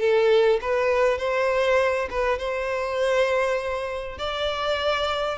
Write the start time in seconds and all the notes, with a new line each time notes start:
0.00 A4
0.62 B4
1.19 C5
2.11 B4
2.39 C5
4.18 D5